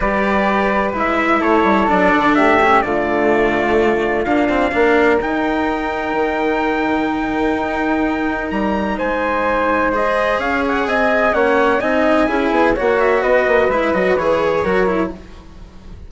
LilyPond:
<<
  \new Staff \with { instrumentName = "trumpet" } { \time 4/4 \tempo 4 = 127 d''2 e''4 cis''4 | d''4 e''4 d''2~ | d''4 f''2 g''4~ | g''1~ |
g''2 ais''4 gis''4~ | gis''4 dis''4 f''8 fis''8 gis''4 | fis''4 gis''2 fis''8 e''8 | dis''4 e''8 dis''8 cis''2 | }
  \new Staff \with { instrumentName = "flute" } { \time 4/4 b'2. a'4~ | a'4 g'4 f'2~ | f'2 ais'2~ | ais'1~ |
ais'2. c''4~ | c''2 cis''4 dis''4 | cis''4 dis''4 gis'4 cis''4 | b'2. ais'4 | }
  \new Staff \with { instrumentName = "cello" } { \time 4/4 g'2 e'2 | d'4. cis'8 a2~ | a4 ais8 c'8 d'4 dis'4~ | dis'1~ |
dis'1~ | dis'4 gis'2. | cis'4 dis'4 e'4 fis'4~ | fis'4 e'8 fis'8 gis'4 fis'8 e'8 | }
  \new Staff \with { instrumentName = "bassoon" } { \time 4/4 g2 gis4 a8 g8 | fis8 d8 a4 d2~ | d4 d'4 ais4 dis'4~ | dis'4 dis2. |
dis'2 g4 gis4~ | gis2 cis'4 c'4 | ais4 c'4 cis'8 b8 ais4 | b8 ais8 gis8 fis8 e4 fis4 | }
>>